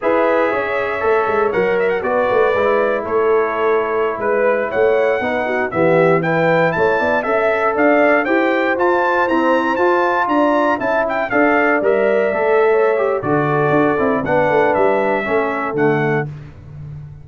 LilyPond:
<<
  \new Staff \with { instrumentName = "trumpet" } { \time 4/4 \tempo 4 = 118 e''2. fis''8 e''16 fis''16 | d''2 cis''2~ | cis''16 b'4 fis''2 e''8.~ | e''16 g''4 a''4 e''4 f''8.~ |
f''16 g''4 a''4 ais''4 a''8.~ | a''16 ais''4 a''8 g''8 f''4 e''8.~ | e''2 d''2 | fis''4 e''2 fis''4 | }
  \new Staff \with { instrumentName = "horn" } { \time 4/4 b'4 cis''2. | b'2 a'2~ | a'16 b'4 cis''4 b'8 fis'8 g'8.~ | g'16 b'4 cis''8 d''8 e''4 d''8.~ |
d''16 c''2.~ c''8.~ | c''16 d''4 e''4 d''4.~ d''16~ | d''4 cis''4 a'2 | b'2 a'2 | }
  \new Staff \with { instrumentName = "trombone" } { \time 4/4 gis'2 a'4 ais'4 | fis'4 e'2.~ | e'2~ e'16 dis'4 b8.~ | b16 e'2 a'4.~ a'16~ |
a'16 g'4 f'4 c'4 f'8.~ | f'4~ f'16 e'4 a'4 ais'8.~ | ais'16 a'4~ a'16 g'8 fis'4. e'8 | d'2 cis'4 a4 | }
  \new Staff \with { instrumentName = "tuba" } { \time 4/4 e'4 cis'4 a8 gis8 fis4 | b8 a8 gis4 a2~ | a16 gis4 a4 b4 e8.~ | e4~ e16 a8 b8 cis'4 d'8.~ |
d'16 e'4 f'4 e'4 f'8.~ | f'16 d'4 cis'4 d'4 g8.~ | g16 a4.~ a16 d4 d'8 c'8 | b8 a8 g4 a4 d4 | }
>>